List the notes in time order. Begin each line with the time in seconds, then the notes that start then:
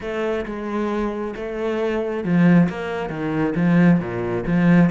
0.00 A3
0.45 G#3
1.36 A3
2.23 F3
2.69 A#3
3.09 D#3
3.55 F3
4.00 A#2
4.46 F3